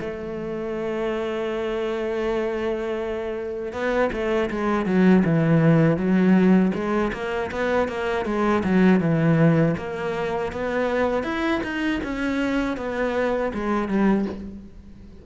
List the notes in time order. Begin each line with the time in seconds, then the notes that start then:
0.00 A3
3.72 B3
4.12 A3
4.50 G#3
4.85 F#3
5.24 E3
5.97 F#3
6.74 G#3
7.12 A#3
7.51 B3
7.88 A#3
8.25 G#3
8.63 F#3
9.00 E3
9.77 A#3
10.52 B3
11.23 E4
11.63 D#4
12.03 C#4
12.77 B3
13.54 G#3
13.88 G3